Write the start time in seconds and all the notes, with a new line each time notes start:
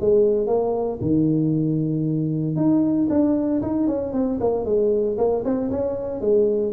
0.00 G#3
0.46 A#3
1.01 D#3
2.56 D#4
3.09 D4
3.62 D#4
3.87 C#4
4.13 C4
4.40 A#3
4.65 G#3
5.17 A#3
5.44 C4
5.71 C#4
6.21 G#3